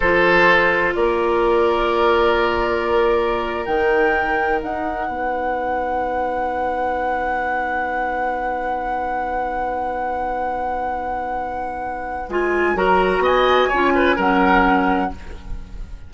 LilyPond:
<<
  \new Staff \with { instrumentName = "flute" } { \time 4/4 \tempo 4 = 127 c''2 d''2~ | d''2.~ d''8. g''16~ | g''4.~ g''16 fis''2~ fis''16~ | fis''1~ |
fis''1~ | fis''1~ | fis''2 gis''4 ais''4 | gis''2 fis''2 | }
  \new Staff \with { instrumentName = "oboe" } { \time 4/4 a'2 ais'2~ | ais'1~ | ais'2~ ais'8. b'4~ b'16~ | b'1~ |
b'1~ | b'1~ | b'2. ais'4 | dis''4 cis''8 b'8 ais'2 | }
  \new Staff \with { instrumentName = "clarinet" } { \time 4/4 f'1~ | f'2.~ f'8. dis'16~ | dis'1~ | dis'1~ |
dis'1~ | dis'1~ | dis'2 f'4 fis'4~ | fis'4 f'4 cis'2 | }
  \new Staff \with { instrumentName = "bassoon" } { \time 4/4 f2 ais2~ | ais2.~ ais8. dis16~ | dis4.~ dis16 dis'4 b4~ b16~ | b1~ |
b1~ | b1~ | b2 gis4 fis4 | b4 cis'4 fis2 | }
>>